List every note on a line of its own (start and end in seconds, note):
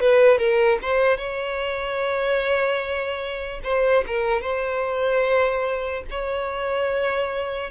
0.00 0.38 B4
0.38 0.78 A#4
0.82 1.17 C5
1.17 3.60 C#5
3.63 4.04 C5
4.07 4.42 A#4
4.42 6.04 C5
6.10 7.70 C#5